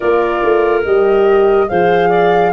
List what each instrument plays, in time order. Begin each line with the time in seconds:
0.00 tuba A#3, horn F4, clarinet A#4, flute D5
0.43 tuba A3
0.84 tuba G3, horn G4, flute D#5
1.68 tuba F3, horn G#4, clarinet C5, flute F5
2.08 clarinet D5